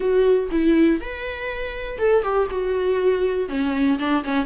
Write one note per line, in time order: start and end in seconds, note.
0.00 0.49 F#4
0.51 1.00 E4
1.00 1.98 B4
1.98 2.22 A4
2.22 2.47 G4
2.50 3.48 F#4
3.48 3.98 C#4
3.98 4.23 D4
4.24 4.45 C#4